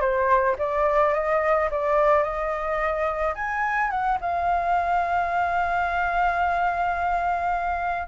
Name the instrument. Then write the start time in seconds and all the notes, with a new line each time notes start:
flute
0.00 C5
0.58 D5
1.13 D#5
1.70 D5
2.23 D#5
3.34 G#5
3.90 F#5
4.20 F5